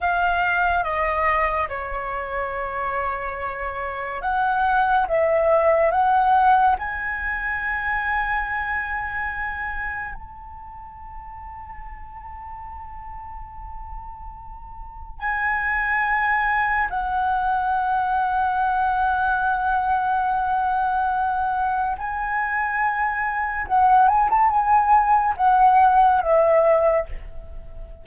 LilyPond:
\new Staff \with { instrumentName = "flute" } { \time 4/4 \tempo 4 = 71 f''4 dis''4 cis''2~ | cis''4 fis''4 e''4 fis''4 | gis''1 | a''1~ |
a''2 gis''2 | fis''1~ | fis''2 gis''2 | fis''8 gis''16 a''16 gis''4 fis''4 e''4 | }